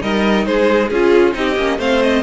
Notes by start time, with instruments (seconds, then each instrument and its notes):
0.00 cello G3, viola D#4, violin A#4 D#5
0.46 cello G#3, violin G#4 C5
0.88 cello C#4, violin F4 G#4
0.95 viola F4
1.32 cello C4, viola D#4, violin G4 D#5
1.56 cello A#3, viola C#4
1.78 cello A3, viola C4, violin C5 F5
2.02 violin D#5